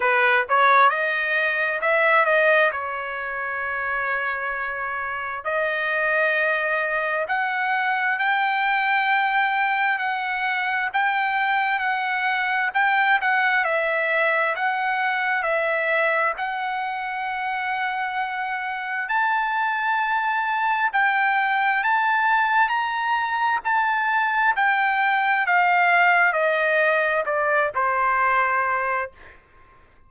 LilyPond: \new Staff \with { instrumentName = "trumpet" } { \time 4/4 \tempo 4 = 66 b'8 cis''8 dis''4 e''8 dis''8 cis''4~ | cis''2 dis''2 | fis''4 g''2 fis''4 | g''4 fis''4 g''8 fis''8 e''4 |
fis''4 e''4 fis''2~ | fis''4 a''2 g''4 | a''4 ais''4 a''4 g''4 | f''4 dis''4 d''8 c''4. | }